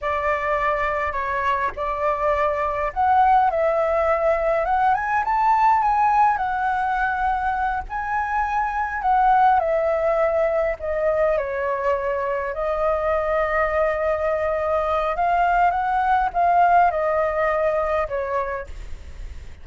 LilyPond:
\new Staff \with { instrumentName = "flute" } { \time 4/4 \tempo 4 = 103 d''2 cis''4 d''4~ | d''4 fis''4 e''2 | fis''8 gis''8 a''4 gis''4 fis''4~ | fis''4. gis''2 fis''8~ |
fis''8 e''2 dis''4 cis''8~ | cis''4. dis''2~ dis''8~ | dis''2 f''4 fis''4 | f''4 dis''2 cis''4 | }